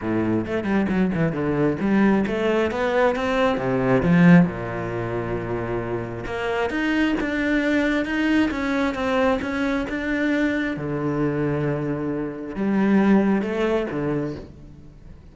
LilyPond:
\new Staff \with { instrumentName = "cello" } { \time 4/4 \tempo 4 = 134 a,4 a8 g8 fis8 e8 d4 | g4 a4 b4 c'4 | c4 f4 ais,2~ | ais,2 ais4 dis'4 |
d'2 dis'4 cis'4 | c'4 cis'4 d'2 | d1 | g2 a4 d4 | }